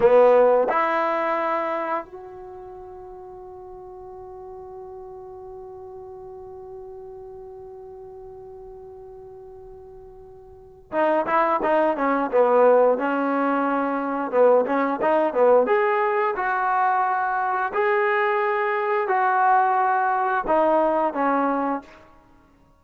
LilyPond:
\new Staff \with { instrumentName = "trombone" } { \time 4/4 \tempo 4 = 88 b4 e'2 fis'4~ | fis'1~ | fis'1~ | fis'1 |
dis'8 e'8 dis'8 cis'8 b4 cis'4~ | cis'4 b8 cis'8 dis'8 b8 gis'4 | fis'2 gis'2 | fis'2 dis'4 cis'4 | }